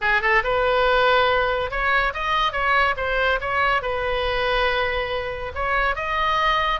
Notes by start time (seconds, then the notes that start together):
0.01 G#4
0.21 A4
0.43 B4
1.70 C#5
2.13 D#5
2.52 C#5
2.97 C5
3.40 C#5
3.82 B4
5.54 C#5
5.95 D#5